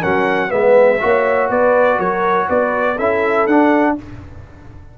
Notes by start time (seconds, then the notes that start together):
0.00 F#3 C#4 A#4 F#5
0.49 G#3 B3 B4 E5
1.00 A#3 F#4 C#5
1.50 B3 B4 D5
1.99 F#3 A#4 C#5
2.49 B3 B4 D5
2.96 C#4 E4 A4 E5
3.47 D4 F#5